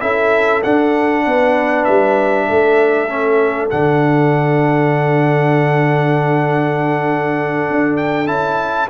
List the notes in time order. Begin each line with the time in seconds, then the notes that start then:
0.00 C#4 E4 A4 E5
0.63 D4 F#5
1.25 B3 B4
1.84 G3 E5
2.48 A3 A4
3.08 C#4
3.70 D3 D4 F#5
7.70 D4
7.97 G5
8.26 C#4 E4 A5